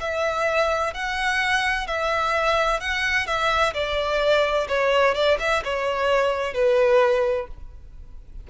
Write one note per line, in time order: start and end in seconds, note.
0.00 0.93 E5
0.93 1.87 F#5
1.87 2.80 E5
2.80 3.26 F#5
3.26 3.73 E5
3.73 4.67 D5
4.68 5.14 C#5
5.14 5.38 D5
5.39 5.62 E5
5.64 6.53 C#5
6.53 7.47 B4